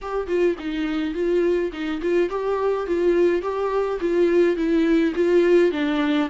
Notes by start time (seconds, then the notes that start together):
0.01 G4
0.27 F4
0.58 D#4
1.14 F4
1.72 D#4
2.01 F4
2.29 G4
2.86 F4
3.42 G4
4.00 F4
4.56 E4
5.15 F4
5.71 D4